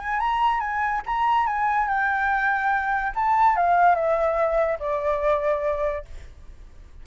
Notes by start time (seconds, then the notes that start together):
0.00 G#5
0.20 A#5
0.60 G#5
1.06 A#5
1.47 G#5
1.88 G5
3.16 A5
3.57 F5
3.95 E5
4.80 D5